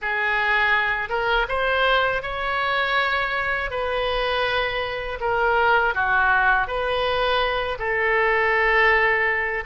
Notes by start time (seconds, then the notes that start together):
0.01 G#4
1.09 A#4
1.48 C5
2.22 C#5
3.70 B4
5.20 A#4
5.94 F#4
6.67 B4
7.78 A4